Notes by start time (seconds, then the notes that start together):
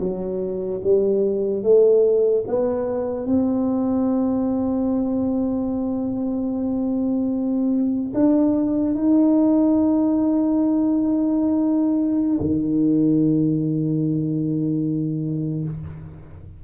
0.00 F#3
0.84 G3
1.63 A3
2.47 B3
3.27 C4
8.14 D4
8.95 D#4
12.40 D#3